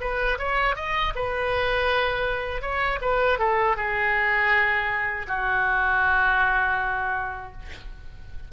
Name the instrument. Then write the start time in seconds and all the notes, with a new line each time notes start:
oboe
0.00 B4
0.38 C#5
0.75 D#5
1.15 B4
2.61 C#5
3.01 B4
3.39 A4
3.76 G#4
5.27 F#4